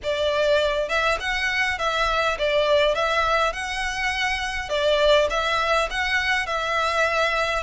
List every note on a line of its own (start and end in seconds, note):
0.03 0.88 D5
0.88 1.18 E5
1.20 1.78 F#5
1.78 2.37 E5
2.38 2.94 D5
2.94 3.53 E5
3.53 4.69 F#5
4.69 5.28 D5
5.29 5.88 E5
5.90 6.46 F#5
6.46 7.63 E5